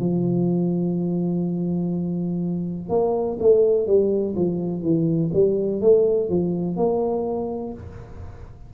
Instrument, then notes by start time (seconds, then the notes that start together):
tuba
0.00 F3
2.89 A#3
3.40 A3
3.87 G3
4.35 F3
4.82 E3
5.34 G3
5.81 A3
6.29 F3
6.77 A#3